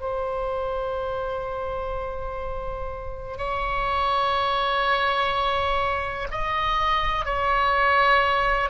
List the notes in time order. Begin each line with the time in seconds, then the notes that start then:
0.00 C5
3.37 C#5
6.31 D#5
7.25 C#5